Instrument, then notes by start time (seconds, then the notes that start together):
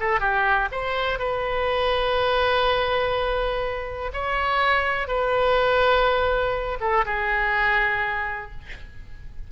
oboe
0.00 A4
0.20 G4
0.72 C5
1.19 B4
4.14 C#5
5.08 B4
6.80 A4
7.05 G#4